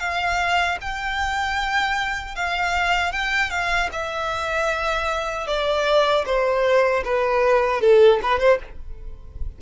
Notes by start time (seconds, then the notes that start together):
0.00 F5
0.81 G5
2.36 F5
3.12 G5
3.51 F5
3.92 E5
5.47 D5
6.26 C5
7.05 B4
7.81 A4
8.23 B4
8.39 C5